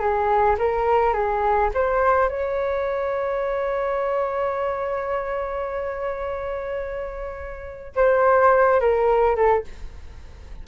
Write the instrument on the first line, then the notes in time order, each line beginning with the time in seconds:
flute
0.00 G#4
0.59 A#4
1.14 G#4
1.75 C5
2.29 C#5
7.96 C5
8.80 A#4
9.36 A4